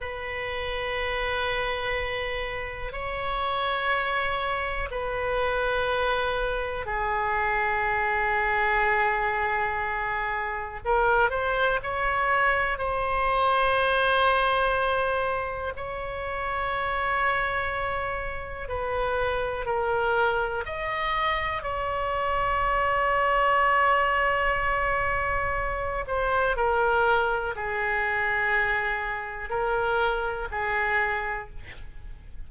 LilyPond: \new Staff \with { instrumentName = "oboe" } { \time 4/4 \tempo 4 = 61 b'2. cis''4~ | cis''4 b'2 gis'4~ | gis'2. ais'8 c''8 | cis''4 c''2. |
cis''2. b'4 | ais'4 dis''4 cis''2~ | cis''2~ cis''8 c''8 ais'4 | gis'2 ais'4 gis'4 | }